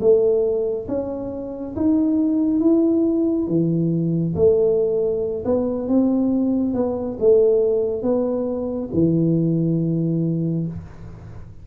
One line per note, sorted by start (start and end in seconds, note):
0.00 0.87 A3
0.88 1.75 C#4
1.75 2.60 D#4
2.60 3.47 E4
3.47 4.34 E3
4.35 5.44 A3
5.45 5.88 B3
5.88 6.74 C4
6.74 7.17 B3
7.19 8.02 A3
8.02 8.89 B3
8.93 10.67 E3